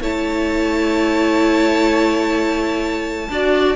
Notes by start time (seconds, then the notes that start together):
0.00 A3 E4 C#5 A5
3.29 D4 F#4 D5